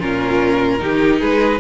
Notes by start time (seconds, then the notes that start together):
0.00 A#2 C#4 F4 A#4
0.79 D#3 D#4 G4
1.21 G#3 G#4 B4